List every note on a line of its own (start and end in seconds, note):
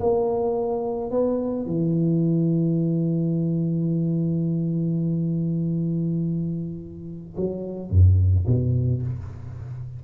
0.00 1.11 A#3
1.11 1.66 B3
1.66 7.36 E3
7.37 7.90 F#3
7.90 8.46 F#2
8.47 9.02 B2